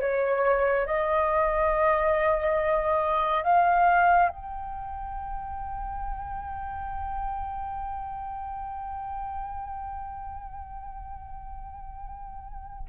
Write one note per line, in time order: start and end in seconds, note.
0.00 0.86 C#5
0.86 3.43 D#5
3.43 4.28 F5
4.28 12.85 G5